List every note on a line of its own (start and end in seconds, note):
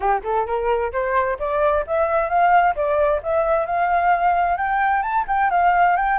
0.00 0.22 G4
0.23 0.46 A4
0.46 0.92 A#4
0.92 1.38 C5
1.39 1.85 D5
1.86 2.29 E5
2.29 2.75 F5
2.75 3.21 D5
3.22 3.66 E5
3.66 4.57 F5
4.57 5.02 G5
5.02 5.25 A5
5.27 5.50 G5
5.50 5.96 F5
5.96 6.18 G5